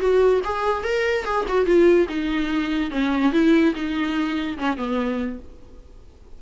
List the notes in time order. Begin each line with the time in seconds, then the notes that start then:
0.00 F#4
0.45 G#4
0.84 A#4
1.25 G#4
1.49 F#4
1.66 F4
2.09 D#4
2.91 C#4
3.33 E4
3.75 D#4
4.58 C#4
4.77 B3